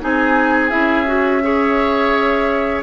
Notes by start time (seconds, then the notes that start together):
0.00 C4 D#4 G#4 G#5
0.70 C#4 E4 E5
1.06 F#4
1.42 G#4 C#5